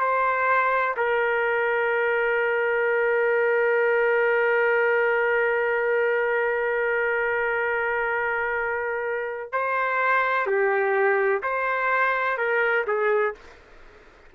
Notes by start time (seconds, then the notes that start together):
0.00 C5
0.97 A#4
9.52 C5
10.46 G4
11.43 C5
12.38 A#4
12.87 G#4